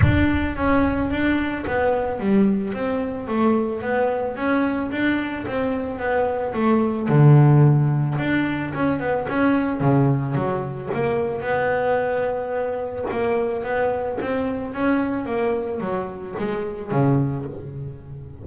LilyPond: \new Staff \with { instrumentName = "double bass" } { \time 4/4 \tempo 4 = 110 d'4 cis'4 d'4 b4 | g4 c'4 a4 b4 | cis'4 d'4 c'4 b4 | a4 d2 d'4 |
cis'8 b8 cis'4 cis4 fis4 | ais4 b2. | ais4 b4 c'4 cis'4 | ais4 fis4 gis4 cis4 | }